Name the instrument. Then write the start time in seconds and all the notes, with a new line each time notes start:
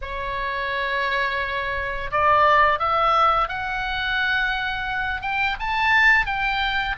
oboe
0.01 C#5
2.11 D5
2.79 E5
3.48 F#5
5.21 G5
5.59 A5
6.26 G5